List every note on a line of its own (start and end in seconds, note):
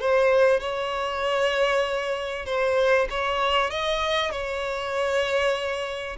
0.00 0.60 C5
0.60 2.45 C#5
2.45 3.07 C5
3.10 3.70 C#5
3.70 4.31 D#5
4.31 6.16 C#5